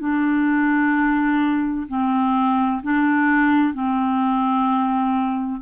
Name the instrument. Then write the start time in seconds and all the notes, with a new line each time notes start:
clarinet
0.00 D4
1.88 C4
2.83 D4
3.74 C4